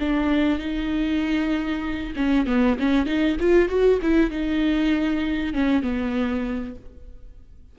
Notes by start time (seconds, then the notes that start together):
0.00 D4
0.59 D#4
2.16 C#4
2.47 B3
2.79 C#4
3.06 D#4
3.40 F4
3.69 F#4
4.02 E4
4.31 D#4
5.54 C#4
5.83 B3